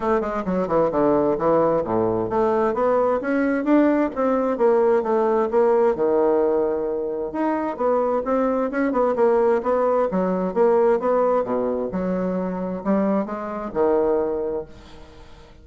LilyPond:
\new Staff \with { instrumentName = "bassoon" } { \time 4/4 \tempo 4 = 131 a8 gis8 fis8 e8 d4 e4 | a,4 a4 b4 cis'4 | d'4 c'4 ais4 a4 | ais4 dis2. |
dis'4 b4 c'4 cis'8 b8 | ais4 b4 fis4 ais4 | b4 b,4 fis2 | g4 gis4 dis2 | }